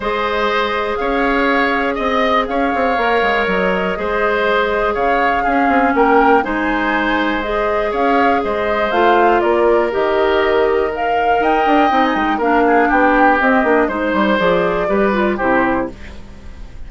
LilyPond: <<
  \new Staff \with { instrumentName = "flute" } { \time 4/4 \tempo 4 = 121 dis''2 f''2 | dis''4 f''2 dis''4~ | dis''2 f''2 | g''4 gis''2 dis''4 |
f''4 dis''4 f''4 d''4 | dis''2 f''4 g''4~ | g''16 gis''16 g''8 f''4 g''4 dis''4 | c''4 d''2 c''4 | }
  \new Staff \with { instrumentName = "oboe" } { \time 4/4 c''2 cis''2 | dis''4 cis''2. | c''2 cis''4 gis'4 | ais'4 c''2. |
cis''4 c''2 ais'4~ | ais'2. dis''4~ | dis''4 ais'8 gis'8 g'2 | c''2 b'4 g'4 | }
  \new Staff \with { instrumentName = "clarinet" } { \time 4/4 gis'1~ | gis'2 ais'2 | gis'2. cis'4~ | cis'4 dis'2 gis'4~ |
gis'2 f'2 | g'2 ais'2 | dis'4 d'2 c'8 d'8 | dis'4 gis'4 g'8 f'8 e'4 | }
  \new Staff \with { instrumentName = "bassoon" } { \time 4/4 gis2 cis'2 | c'4 cis'8 c'8 ais8 gis8 fis4 | gis2 cis4 cis'8 c'8 | ais4 gis2. |
cis'4 gis4 a4 ais4 | dis2. dis'8 d'8 | c'8 gis8 ais4 b4 c'8 ais8 | gis8 g8 f4 g4 c4 | }
>>